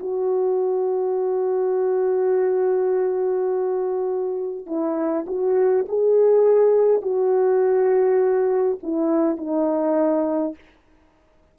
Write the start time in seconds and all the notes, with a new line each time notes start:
0.00 F#4
4.66 E4
5.27 F#4
5.89 G#4
7.02 F#4
8.83 E4
9.37 D#4